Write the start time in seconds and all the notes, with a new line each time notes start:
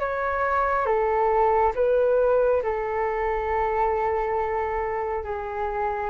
0.00 C#5
0.86 A4
1.75 B4
2.63 A4
5.24 G#4